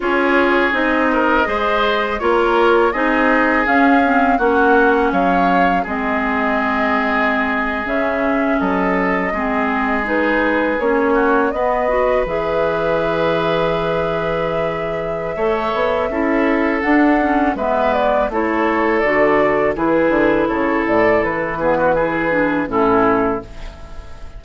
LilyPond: <<
  \new Staff \with { instrumentName = "flute" } { \time 4/4 \tempo 4 = 82 cis''4 dis''2 cis''4 | dis''4 f''4 fis''4 f''4 | dis''2~ dis''8. e''4 dis''16~ | dis''4.~ dis''16 b'4 cis''4 dis''16~ |
dis''8. e''2.~ e''16~ | e''2. fis''4 | e''8 d''8 cis''4 d''4 b'4 | cis''8 d''8 b'2 a'4 | }
  \new Staff \with { instrumentName = "oboe" } { \time 4/4 gis'4. ais'8 c''4 ais'4 | gis'2 fis'4 cis''4 | gis'2.~ gis'8. a'16~ | a'8. gis'2~ gis'8 fis'8 b'16~ |
b'1~ | b'4 cis''4 a'2 | b'4 a'2 gis'4 | a'4. gis'16 fis'16 gis'4 e'4 | }
  \new Staff \with { instrumentName = "clarinet" } { \time 4/4 f'4 dis'4 gis'4 f'4 | dis'4 cis'8 c'8 cis'2 | c'2~ c'8. cis'4~ cis'16~ | cis'8. c'4 dis'4 cis'4 b16~ |
b16 fis'8 gis'2.~ gis'16~ | gis'4 a'4 e'4 d'8 cis'8 | b4 e'4 fis'4 e'4~ | e'4. b8 e'8 d'8 cis'4 | }
  \new Staff \with { instrumentName = "bassoon" } { \time 4/4 cis'4 c'4 gis4 ais4 | c'4 cis'4 ais4 fis4 | gis2~ gis8. cis4 fis16~ | fis8. gis2 ais4 b16~ |
b8. e2.~ e16~ | e4 a8 b8 cis'4 d'4 | gis4 a4 d4 e8 d8 | cis8 a,8 e2 a,4 | }
>>